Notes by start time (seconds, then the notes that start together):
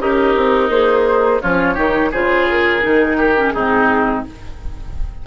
0.00 C#4 D#4 G4 A#4
0.36 C4
0.70 A#3 G#4 C5
1.42 F3 C#4 F4 C#5
1.75 D#3 D#4 G4
2.12 C#3 F4 G#4 C5
2.50 A#4
2.82 D#3 D#4
3.18 G4
3.37 C#4
3.51 G#2 C4 D#4 G#4